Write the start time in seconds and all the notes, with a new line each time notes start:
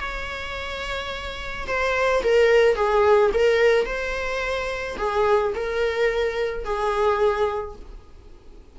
0.00 C#5
1.67 C5
2.23 A#4
2.75 G#4
3.34 A#4
3.86 C5
4.98 G#4
5.55 A#4
6.64 G#4